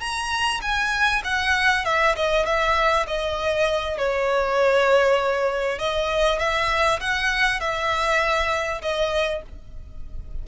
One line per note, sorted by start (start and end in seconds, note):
0.00 0.61 A#5
0.62 1.22 G#5
1.24 1.85 F#5
1.85 2.15 E5
2.15 2.46 D#5
2.46 3.06 E5
3.07 3.98 D#5
3.98 5.79 C#5
5.79 6.39 D#5
6.39 6.99 E5
7.00 7.60 F#5
7.60 8.81 E5
8.82 9.42 D#5